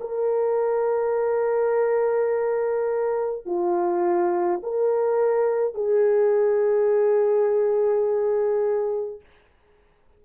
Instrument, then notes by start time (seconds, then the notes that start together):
horn
0.00 A#4
3.46 F4
4.63 A#4
5.74 G#4